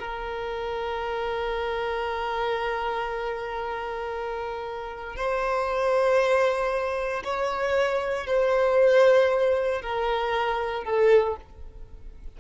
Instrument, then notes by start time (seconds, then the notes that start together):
violin
0.00 A#4
5.16 C5
7.25 C#5
8.27 C5
9.82 A#4
10.84 A4